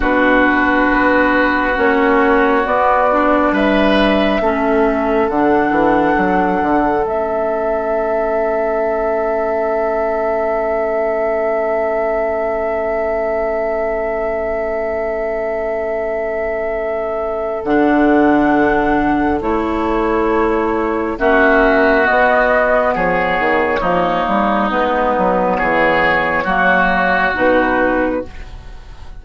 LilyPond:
<<
  \new Staff \with { instrumentName = "flute" } { \time 4/4 \tempo 4 = 68 b'2 cis''4 d''4 | e''2 fis''2 | e''1~ | e''1~ |
e''1 | fis''2 cis''2 | e''4 dis''4 cis''2 | b'4 cis''2 b'4 | }
  \new Staff \with { instrumentName = "oboe" } { \time 4/4 fis'1 | b'4 a'2.~ | a'1~ | a'1~ |
a'1~ | a'1 | fis'2 gis'4 dis'4~ | dis'4 gis'4 fis'2 | }
  \new Staff \with { instrumentName = "clarinet" } { \time 4/4 d'2 cis'4 b8 d'8~ | d'4 cis'4 d'2 | cis'1~ | cis'1~ |
cis'1 | d'2 e'2 | cis'4 b2 ais4 | b2 ais4 dis'4 | }
  \new Staff \with { instrumentName = "bassoon" } { \time 4/4 b,4 b4 ais4 b4 | g4 a4 d8 e8 fis8 d8 | a1~ | a1~ |
a1 | d2 a2 | ais4 b4 f8 dis8 f8 g8 | gis8 fis8 e4 fis4 b,4 | }
>>